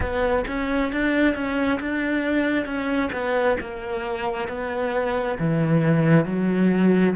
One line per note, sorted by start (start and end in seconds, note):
0.00 0.45 B3
0.47 0.92 C#4
0.92 1.34 D4
1.34 1.79 C#4
1.80 2.65 D4
2.65 3.10 C#4
3.12 3.57 B3
3.60 4.48 A#3
4.48 5.38 B3
5.39 6.25 E3
6.25 7.14 F#3